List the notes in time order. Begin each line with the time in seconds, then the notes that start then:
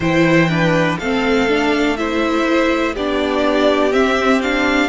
0.00 E3 E4 C5 G5
0.48 D4 B4
0.99 A3 C4 A4 F5
1.49 D4
1.96 E4 C5 E5
2.94 B3 D4 G4 D5
3.91 C4 E5
4.41 D4 F5